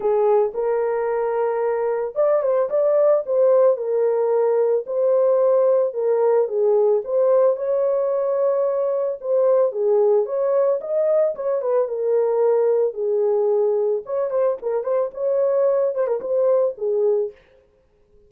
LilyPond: \new Staff \with { instrumentName = "horn" } { \time 4/4 \tempo 4 = 111 gis'4 ais'2. | d''8 c''8 d''4 c''4 ais'4~ | ais'4 c''2 ais'4 | gis'4 c''4 cis''2~ |
cis''4 c''4 gis'4 cis''4 | dis''4 cis''8 b'8 ais'2 | gis'2 cis''8 c''8 ais'8 c''8 | cis''4. c''16 ais'16 c''4 gis'4 | }